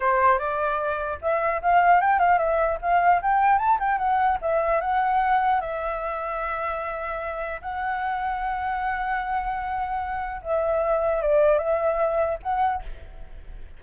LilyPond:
\new Staff \with { instrumentName = "flute" } { \time 4/4 \tempo 4 = 150 c''4 d''2 e''4 | f''4 g''8 f''8 e''4 f''4 | g''4 a''8 g''8 fis''4 e''4 | fis''2 e''2~ |
e''2. fis''4~ | fis''1~ | fis''2 e''2 | d''4 e''2 fis''4 | }